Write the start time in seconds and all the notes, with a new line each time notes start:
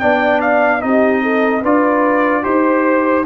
0.00 B3 D4 D5 G5
0.41 F5
0.81 C4 D#4 G4 D#5
1.22 A4
1.62 D4 F4 B4 D5
2.43 D#4 G4 C5